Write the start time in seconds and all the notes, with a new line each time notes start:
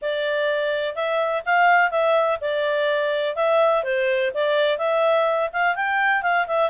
0.01 D5
0.95 E5
1.45 F5
1.90 E5
2.40 D5
3.35 E5
3.83 C5
4.33 D5
4.77 E5
5.52 F5
5.75 G5
6.22 F5
6.47 E5